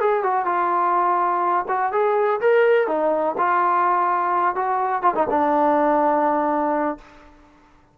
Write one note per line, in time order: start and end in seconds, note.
0.00 0.24 G#4
0.24 0.46 F#4
0.46 1.66 F4
1.68 1.92 F#4
1.93 2.41 G#4
2.41 2.88 A#4
2.88 3.36 D#4
3.38 4.56 F4
4.56 5.03 F#4
5.03 5.15 F4
5.15 5.27 D#4
5.30 6.98 D4